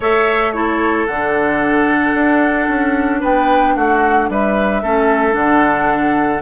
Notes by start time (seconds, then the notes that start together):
0.00 A3 A4 C#5 E5
0.52 E4 A4 C#5
1.06 D3 D4 F#5
2.13 D4
2.68 C#4
3.20 B3 B4 G5
3.75 A3 F#4 F#5
4.29 G3 B4 E5
4.82 A3 C#4 A4
5.31 D3 D4 F#5